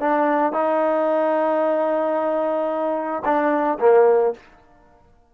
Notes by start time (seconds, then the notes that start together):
0.00 D4
0.53 D#4
3.25 D4
3.79 A#3